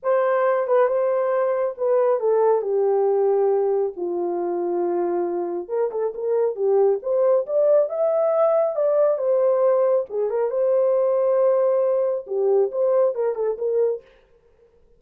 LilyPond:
\new Staff \with { instrumentName = "horn" } { \time 4/4 \tempo 4 = 137 c''4. b'8 c''2 | b'4 a'4 g'2~ | g'4 f'2.~ | f'4 ais'8 a'8 ais'4 g'4 |
c''4 d''4 e''2 | d''4 c''2 gis'8 ais'8 | c''1 | g'4 c''4 ais'8 a'8 ais'4 | }